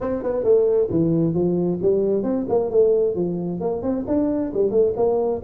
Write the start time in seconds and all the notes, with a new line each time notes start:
0.00 C4
0.23 B3
0.43 A3
0.90 E3
1.34 F3
1.82 G3
2.23 C4
2.48 A#3
2.70 A3
3.15 F3
3.60 A#3
3.82 C4
4.07 D4
4.53 G3
4.70 A3
4.96 A#3